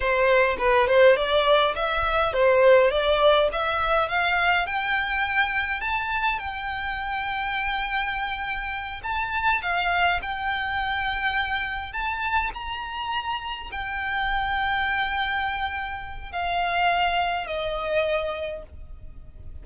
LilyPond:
\new Staff \with { instrumentName = "violin" } { \time 4/4 \tempo 4 = 103 c''4 b'8 c''8 d''4 e''4 | c''4 d''4 e''4 f''4 | g''2 a''4 g''4~ | g''2.~ g''8 a''8~ |
a''8 f''4 g''2~ g''8~ | g''8 a''4 ais''2 g''8~ | g''1 | f''2 dis''2 | }